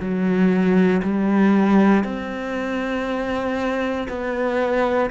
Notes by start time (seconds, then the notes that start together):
0.00 F#3
1.02 G3
2.04 C4
4.08 B3